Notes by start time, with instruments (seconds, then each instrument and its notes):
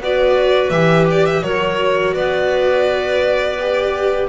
0.00 double bass B3, viola F#4, clarinet B4, violin D5
0.69 double bass E3, viola G4, violin E5
1.10 violin D5
1.25 violin E5
1.42 double bass F#3, viola F#4, clarinet A#4, violin C#5
2.14 double bass B3, clarinet B4, violin D5
3.59 viola G4